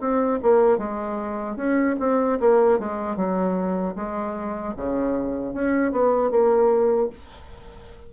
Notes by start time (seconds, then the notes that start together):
0.00 C4
0.42 A#3
0.78 G#3
1.56 C#4
1.99 C4
2.40 A#3
2.79 G#3
3.16 F#3
3.95 G#3
4.77 C#3
5.54 C#4
5.92 B3
6.31 A#3